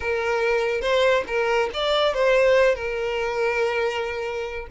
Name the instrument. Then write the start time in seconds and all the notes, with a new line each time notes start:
violin
0.00 A#4
0.81 C5
1.27 A#4
1.73 D5
2.14 C5
2.75 A#4